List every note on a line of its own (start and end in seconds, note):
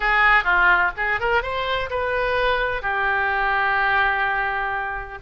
0.00 0.44 G#4
0.44 0.91 F4
0.96 1.20 G#4
1.20 1.42 A#4
1.42 1.89 C5
1.90 2.82 B4
2.82 5.18 G4